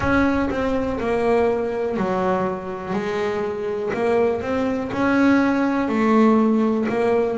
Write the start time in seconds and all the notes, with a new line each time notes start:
0.00 C#4
0.50 C4
1.00 A#3
1.96 F#3
2.93 G#3
3.93 A#3
4.41 C4
4.92 C#4
5.88 A3
6.89 A#3